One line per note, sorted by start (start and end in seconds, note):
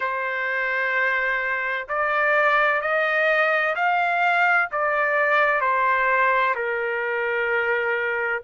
0.00 1.87 C5
1.88 2.81 D5
2.81 3.75 D#5
3.75 4.69 F5
4.71 5.60 D5
5.60 6.54 C5
6.55 8.42 A#4